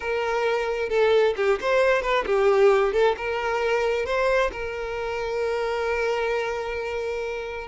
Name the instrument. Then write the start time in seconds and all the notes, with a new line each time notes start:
violin
0.00 A#4
0.89 A4
1.36 G4
1.60 C5
2.02 B4
2.26 G4
2.92 A4
3.17 A#4
4.05 C5
4.52 A#4